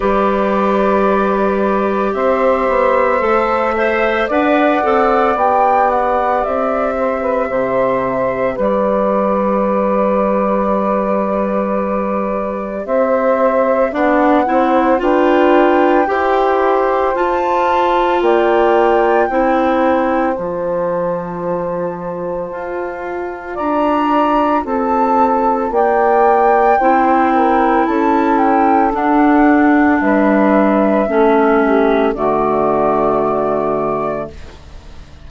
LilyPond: <<
  \new Staff \with { instrumentName = "flute" } { \time 4/4 \tempo 4 = 56 d''2 e''2 | fis''4 g''8 fis''8 e''2 | d''1 | e''4 fis''4 g''2 |
a''4 g''2 a''4~ | a''2 ais''4 a''4 | g''2 a''8 g''8 fis''4 | e''2 d''2 | }
  \new Staff \with { instrumentName = "saxophone" } { \time 4/4 b'2 c''4. e''8 | d''2~ d''8 c''16 b'16 c''4 | b'1 | c''4 d''8 c''8 b'4 c''4~ |
c''4 d''4 c''2~ | c''2 d''4 a'4 | d''4 c''8 ais'8 a'2 | b'4 a'8 g'8 fis'2 | }
  \new Staff \with { instrumentName = "clarinet" } { \time 4/4 g'2. a'8 c''8 | b'8 a'8 g'2.~ | g'1~ | g'4 d'8 e'8 f'4 g'4 |
f'2 e'4 f'4~ | f'1~ | f'4 e'2 d'4~ | d'4 cis'4 a2 | }
  \new Staff \with { instrumentName = "bassoon" } { \time 4/4 g2 c'8 b8 a4 | d'8 c'8 b4 c'4 c4 | g1 | c'4 b8 c'8 d'4 e'4 |
f'4 ais4 c'4 f4~ | f4 f'4 d'4 c'4 | ais4 c'4 cis'4 d'4 | g4 a4 d2 | }
>>